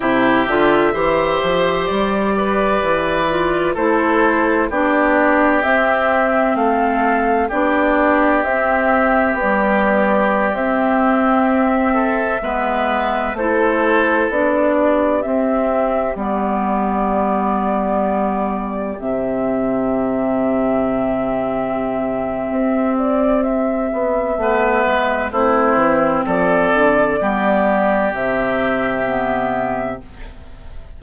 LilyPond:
<<
  \new Staff \with { instrumentName = "flute" } { \time 4/4 \tempo 4 = 64 e''2 d''2 | c''4 d''4 e''4 f''4 | d''4 e''4 d''4~ d''16 e''8.~ | e''2~ e''16 c''4 d''8.~ |
d''16 e''4 d''2~ d''8.~ | d''16 e''2.~ e''8.~ | e''8 d''8 e''2 c''4 | d''2 e''2 | }
  \new Staff \with { instrumentName = "oboe" } { \time 4/4 g'4 c''4. b'4. | a'4 g'2 a'4 | g'1~ | g'8. a'8 b'4 a'4. g'16~ |
g'1~ | g'1~ | g'2 b'4 e'4 | a'4 g'2. | }
  \new Staff \with { instrumentName = "clarinet" } { \time 4/4 e'8 f'8 g'2~ g'8 f'8 | e'4 d'4 c'2 | d'4 c'4 g4~ g16 c'8.~ | c'4~ c'16 b4 e'4 d'8.~ |
d'16 c'4 b2~ b8.~ | b16 c'2.~ c'8.~ | c'2 b4 c'4~ | c'4 b4 c'4 b4 | }
  \new Staff \with { instrumentName = "bassoon" } { \time 4/4 c8 d8 e8 f8 g4 e4 | a4 b4 c'4 a4 | b4 c'4 b4~ b16 c'8.~ | c'4~ c'16 gis4 a4 b8.~ |
b16 c'4 g2~ g8.~ | g16 c2.~ c8. | c'4. b8 a8 gis8 a8 e8 | f8 d8 g4 c2 | }
>>